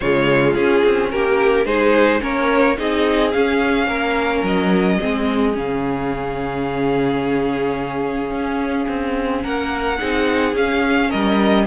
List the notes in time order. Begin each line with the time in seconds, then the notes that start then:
0.00 C#3 G#3 F4 C#5
0.54 C#4 G#4
0.84 C4
1.11 A#3 G4 A#4
1.65 G#3 D#4 G#4 C5
2.20 A#3 C#4 A#4 C#5
2.77 C4 D#4 G#4 D#5
3.32 C#4 F5
3.86 A#3 A#4
4.43 F#3 D#5
4.99 G#3 C4 G#4
5.53 C#3 C#4 F5
8.30 C#4
8.88 C4
9.42 A#3 A#4 F#5
9.98 C4 D#4 G#4
10.54 C#4 F5
11.09 G3 A#4 D#5